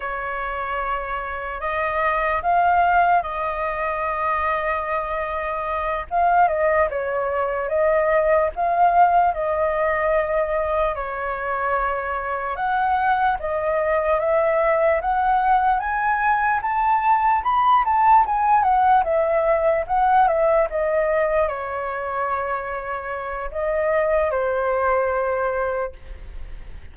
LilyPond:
\new Staff \with { instrumentName = "flute" } { \time 4/4 \tempo 4 = 74 cis''2 dis''4 f''4 | dis''2.~ dis''8 f''8 | dis''8 cis''4 dis''4 f''4 dis''8~ | dis''4. cis''2 fis''8~ |
fis''8 dis''4 e''4 fis''4 gis''8~ | gis''8 a''4 b''8 a''8 gis''8 fis''8 e''8~ | e''8 fis''8 e''8 dis''4 cis''4.~ | cis''4 dis''4 c''2 | }